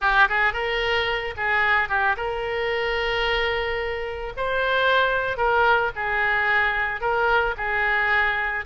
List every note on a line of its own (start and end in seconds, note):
0.01 0.28 G4
0.28 0.53 G#4
0.53 1.34 A#4
1.36 1.88 G#4
1.88 2.15 G4
2.16 4.33 A#4
4.36 5.37 C5
5.37 5.91 A#4
5.95 7.00 G#4
7.00 7.54 A#4
7.57 8.65 G#4